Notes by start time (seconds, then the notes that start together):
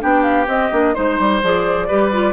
0.00 B3 D4 G4 G5
0.23 F5
0.48 C4 D#5
0.73 A#3 D4
0.95 G#3 D#4 C5
1.20 G3
1.43 F3 G#4 D5
1.88 G3 G4 B4
2.13 F4